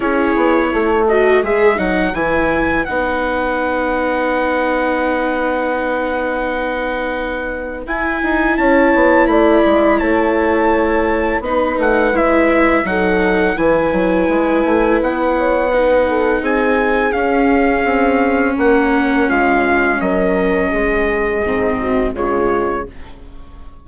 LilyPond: <<
  \new Staff \with { instrumentName = "trumpet" } { \time 4/4 \tempo 4 = 84 cis''4. dis''8 e''8 fis''8 gis''4 | fis''1~ | fis''2. gis''4 | a''4 b''4 a''2 |
b''8 fis''8 e''4 fis''4 gis''4~ | gis''4 fis''2 gis''4 | f''2 fis''4 f''4 | dis''2. cis''4 | }
  \new Staff \with { instrumentName = "horn" } { \time 4/4 gis'4 a'4 b'2~ | b'1~ | b'1 | cis''4 d''4 cis''2 |
b'2 a'4 b'4~ | b'4. cis''8 b'8 a'8 gis'4~ | gis'2 ais'4 f'4 | ais'4 gis'4. fis'8 f'4 | }
  \new Staff \with { instrumentName = "viola" } { \time 4/4 e'4. fis'8 gis'8 dis'8 e'4 | dis'1~ | dis'2. e'4~ | e'1 |
dis'4 e'4 dis'4 e'4~ | e'2 dis'2 | cis'1~ | cis'2 c'4 gis4 | }
  \new Staff \with { instrumentName = "bassoon" } { \time 4/4 cis'8 b8 a4 gis8 fis8 e4 | b1~ | b2. e'8 dis'8 | cis'8 b8 a8 gis8 a2 |
b8 a8 gis4 fis4 e8 fis8 | gis8 a8 b2 c'4 | cis'4 c'4 ais4 gis4 | fis4 gis4 gis,4 cis4 | }
>>